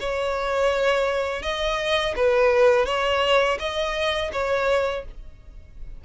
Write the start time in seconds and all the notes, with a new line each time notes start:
0.00 C#5
1.42 D#5
2.16 B4
2.86 C#5
3.59 D#5
4.32 C#5